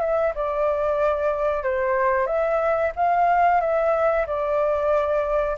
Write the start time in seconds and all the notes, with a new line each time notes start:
0.00 E5
0.35 D5
1.63 C5
2.26 E5
2.96 F5
3.60 E5
4.26 D5